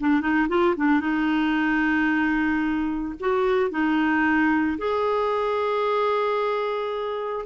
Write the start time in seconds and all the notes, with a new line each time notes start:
0.00 D4
0.21 D#4
0.49 F4
0.76 D4
1.00 D#4
3.20 F#4
3.71 D#4
4.78 G#4